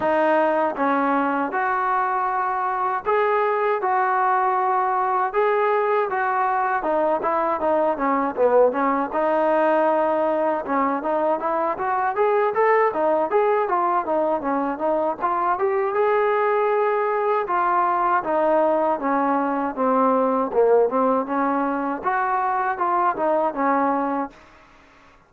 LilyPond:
\new Staff \with { instrumentName = "trombone" } { \time 4/4 \tempo 4 = 79 dis'4 cis'4 fis'2 | gis'4 fis'2 gis'4 | fis'4 dis'8 e'8 dis'8 cis'8 b8 cis'8 | dis'2 cis'8 dis'8 e'8 fis'8 |
gis'8 a'8 dis'8 gis'8 f'8 dis'8 cis'8 dis'8 | f'8 g'8 gis'2 f'4 | dis'4 cis'4 c'4 ais8 c'8 | cis'4 fis'4 f'8 dis'8 cis'4 | }